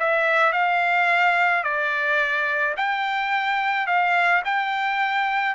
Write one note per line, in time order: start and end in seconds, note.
0.00 0.53 E5
0.53 1.64 F5
1.64 2.75 D5
2.77 3.87 G5
3.87 4.43 F5
4.45 5.56 G5